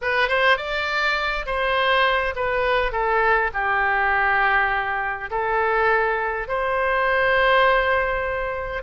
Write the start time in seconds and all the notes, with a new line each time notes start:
0.01 B4
0.28 C5
0.57 D5
1.45 C5
2.35 B4
2.91 A4
3.53 G4
5.30 A4
6.48 C5